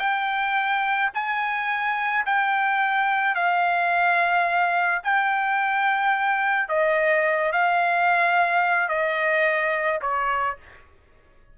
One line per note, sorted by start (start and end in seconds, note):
0.00 1.11 G5
1.14 2.26 G#5
2.26 3.36 G5
3.36 5.02 F5
5.04 6.69 G5
6.69 7.53 D#5
7.53 8.89 F5
8.89 10.00 D#5
10.02 10.58 C#5